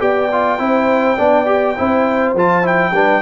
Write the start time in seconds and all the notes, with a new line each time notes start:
0.00 B3 G4 D5 G5
0.32 F4
0.59 C4 E4 C5
1.18 B3 D4 D5
1.46 G4
1.78 C4 E4 C5
2.34 F3 F4 A5
2.63 E4 G5
2.92 G3 D4 B4